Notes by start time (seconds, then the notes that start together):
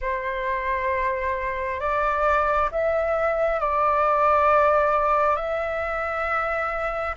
0.01 C5
1.80 D5
2.71 E5
3.60 D5
5.36 E5